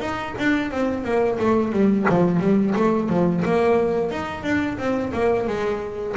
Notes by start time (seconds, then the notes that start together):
0.00 D#4
0.38 D4
0.70 C4
1.04 A#3
1.39 A3
1.72 G3
2.09 F3
2.40 G3
2.75 A3
3.09 F3
3.45 A#3
4.11 D#4
4.43 D4
4.78 C4
5.13 A#3
5.47 G#3